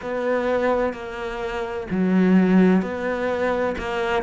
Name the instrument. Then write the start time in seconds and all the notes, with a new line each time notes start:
cello
0.02 B3
0.93 A#3
1.90 F#3
2.81 B3
3.78 A#3